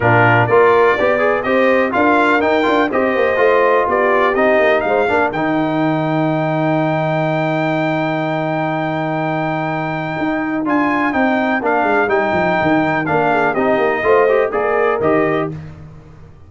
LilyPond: <<
  \new Staff \with { instrumentName = "trumpet" } { \time 4/4 \tempo 4 = 124 ais'4 d''2 dis''4 | f''4 g''4 dis''2 | d''4 dis''4 f''4 g''4~ | g''1~ |
g''1~ | g''2 gis''4 g''4 | f''4 g''2 f''4 | dis''2 d''4 dis''4 | }
  \new Staff \with { instrumentName = "horn" } { \time 4/4 f'4 ais'4 d''4 c''4 | ais'2 c''2 | g'2 c''8 ais'4.~ | ais'1~ |
ais'1~ | ais'1~ | ais'2.~ ais'8 gis'8 | g'4 c''4 ais'2 | }
  \new Staff \with { instrumentName = "trombone" } { \time 4/4 d'4 f'4 g'8 gis'8 g'4 | f'4 dis'8 f'8 g'4 f'4~ | f'4 dis'4. d'8 dis'4~ | dis'1~ |
dis'1~ | dis'2 f'4 dis'4 | d'4 dis'2 d'4 | dis'4 f'8 g'8 gis'4 g'4 | }
  \new Staff \with { instrumentName = "tuba" } { \time 4/4 ais,4 ais4 b4 c'4 | d'4 dis'8 d'8 c'8 ais8 a4 | b4 c'8 ais8 gis8 ais8 dis4~ | dis1~ |
dis1~ | dis4 dis'4 d'4 c'4 | ais8 gis8 g8 f8 dis4 ais4 | c'8 ais8 a4 ais4 dis4 | }
>>